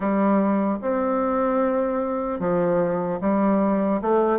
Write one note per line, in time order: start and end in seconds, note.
0.00 0.78 G3
0.81 2.39 C4
2.39 3.19 F3
3.20 4.00 G3
4.01 4.39 A3